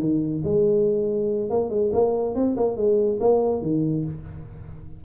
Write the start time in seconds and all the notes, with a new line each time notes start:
0.00 D#3
0.44 G#3
1.50 A#3
1.70 G#3
1.93 A#3
2.35 C4
2.57 A#3
2.77 G#3
3.20 A#3
3.62 D#3